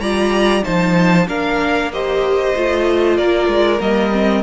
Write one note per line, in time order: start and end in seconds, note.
0.00 0.63 G3
0.00 0.63 F4
0.00 0.64 D5
0.00 0.64 A#5
0.63 1.28 F3
0.63 1.27 D#4
0.63 1.27 C5
0.63 1.28 A5
1.28 2.54 A#3
1.28 1.91 D4
1.28 1.92 A#4
1.28 1.92 F5
1.93 2.56 G4
1.93 3.18 C5
1.93 3.17 D#5
2.55 3.18 A3
2.55 3.79 F4
3.17 3.48 A#3
3.17 4.43 A#4
3.17 3.81 D5
3.48 3.80 G#3
3.79 4.43 G3
3.79 4.11 A#3
3.79 4.43 D#5
4.12 4.43 C4